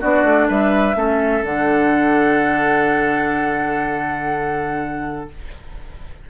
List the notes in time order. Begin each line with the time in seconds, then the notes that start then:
0.00 B3 D4 F#4 D5
0.23 A3
0.48 G3 B4 E5
0.94 A3 C#4 A4
1.43 D3 D4 F#5